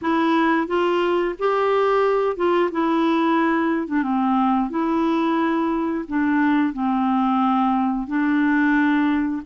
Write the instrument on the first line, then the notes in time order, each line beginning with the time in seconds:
clarinet
0.01 E4
0.67 F4
1.38 G4
2.36 F4
2.71 E4
3.87 D4
4.02 C4
4.69 E4
6.08 D4
6.73 C4
8.07 D4